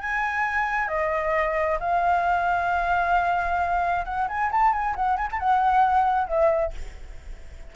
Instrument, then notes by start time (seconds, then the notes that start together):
flute
0.00 G#5
0.88 D#5
1.80 F5
4.05 F#5
4.28 G#5
4.51 A5
4.72 G#5
4.96 F#5
5.17 G#5
5.31 A5
5.39 F#5
6.27 E5